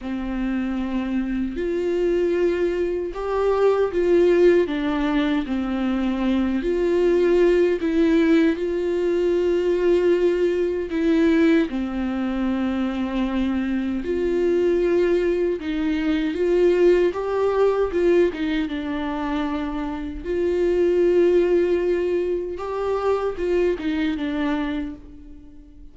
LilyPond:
\new Staff \with { instrumentName = "viola" } { \time 4/4 \tempo 4 = 77 c'2 f'2 | g'4 f'4 d'4 c'4~ | c'8 f'4. e'4 f'4~ | f'2 e'4 c'4~ |
c'2 f'2 | dis'4 f'4 g'4 f'8 dis'8 | d'2 f'2~ | f'4 g'4 f'8 dis'8 d'4 | }